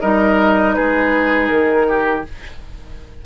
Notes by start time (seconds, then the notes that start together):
0.00 G3 D#4 A#4 D#5
0.74 G#3 G#4 B4
1.47 D#3 A#4
1.88 G4